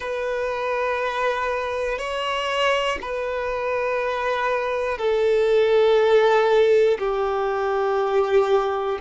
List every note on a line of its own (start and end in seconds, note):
0.00 1.98 B4
1.98 2.98 C#5
3.00 4.97 B4
4.97 6.97 A4
6.99 8.99 G4